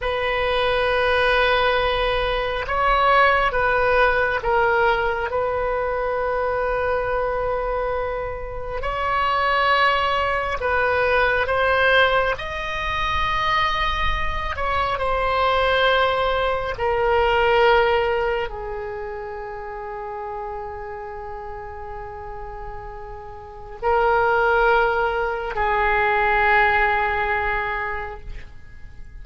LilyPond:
\new Staff \with { instrumentName = "oboe" } { \time 4/4 \tempo 4 = 68 b'2. cis''4 | b'4 ais'4 b'2~ | b'2 cis''2 | b'4 c''4 dis''2~ |
dis''8 cis''8 c''2 ais'4~ | ais'4 gis'2.~ | gis'2. ais'4~ | ais'4 gis'2. | }